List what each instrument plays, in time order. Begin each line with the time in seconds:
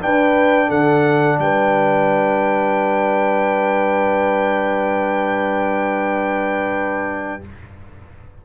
0.00 trombone D4, tuba D4, horn B4, trumpet G5
0.68 tuba D3, horn A4, trumpet F#5
1.39 tuba G3, horn B4, trumpet G5